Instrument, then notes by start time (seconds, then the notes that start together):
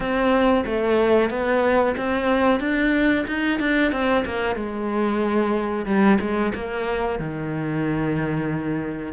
cello
0.00 C4
0.65 A3
1.30 B3
1.96 C4
2.60 D4
3.27 D#4
3.59 D4
3.92 C4
4.25 A#3
4.55 G#3
5.85 G3
6.20 G#3
6.54 A#3
7.19 D#3